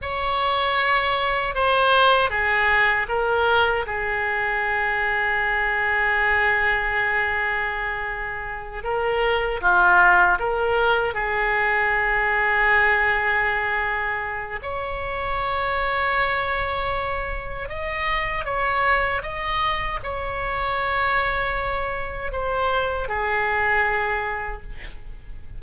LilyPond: \new Staff \with { instrumentName = "oboe" } { \time 4/4 \tempo 4 = 78 cis''2 c''4 gis'4 | ais'4 gis'2.~ | gis'2.~ gis'8 ais'8~ | ais'8 f'4 ais'4 gis'4.~ |
gis'2. cis''4~ | cis''2. dis''4 | cis''4 dis''4 cis''2~ | cis''4 c''4 gis'2 | }